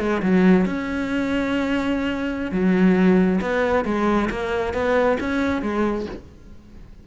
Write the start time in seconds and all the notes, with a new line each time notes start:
0.00 G#3
0.23 F#3
0.66 C#4
2.52 F#3
3.42 B3
3.85 G#3
4.31 A#3
4.74 B3
5.21 C#4
5.62 G#3